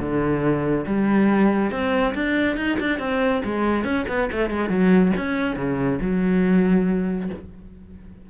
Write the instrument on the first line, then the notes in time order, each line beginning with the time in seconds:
cello
0.00 D3
0.86 G3
1.72 C4
2.15 D4
2.57 D#4
2.80 D4
3.00 C4
3.45 G#3
3.84 C#4
4.09 B3
4.32 A3
4.50 G#3
4.70 F#3
5.17 C#4
5.57 C#3
6.02 F#3